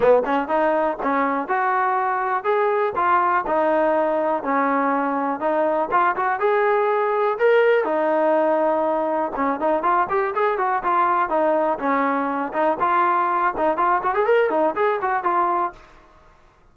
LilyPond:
\new Staff \with { instrumentName = "trombone" } { \time 4/4 \tempo 4 = 122 b8 cis'8 dis'4 cis'4 fis'4~ | fis'4 gis'4 f'4 dis'4~ | dis'4 cis'2 dis'4 | f'8 fis'8 gis'2 ais'4 |
dis'2. cis'8 dis'8 | f'8 g'8 gis'8 fis'8 f'4 dis'4 | cis'4. dis'8 f'4. dis'8 | f'8 fis'16 gis'16 ais'8 dis'8 gis'8 fis'8 f'4 | }